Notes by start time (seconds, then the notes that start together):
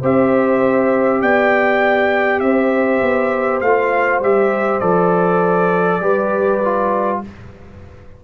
0.00 C4 G4 C5 E5
1.22 B3 D5 G5
2.40 C4 C5 E5
3.01 B3
3.60 A3 F4 F5
4.20 G3 G4 E5
4.79 F3 A4 D5
6.00 G3 G4 B4
6.64 F4